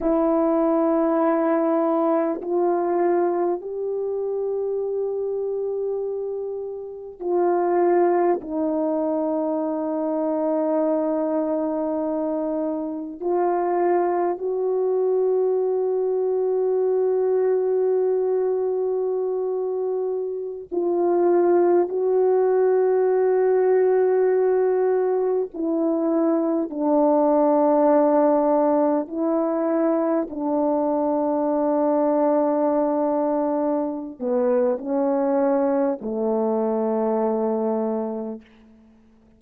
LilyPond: \new Staff \with { instrumentName = "horn" } { \time 4/4 \tempo 4 = 50 e'2 f'4 g'4~ | g'2 f'4 dis'4~ | dis'2. f'4 | fis'1~ |
fis'4~ fis'16 f'4 fis'4.~ fis'16~ | fis'4~ fis'16 e'4 d'4.~ d'16~ | d'16 e'4 d'2~ d'8.~ | d'8 b8 cis'4 a2 | }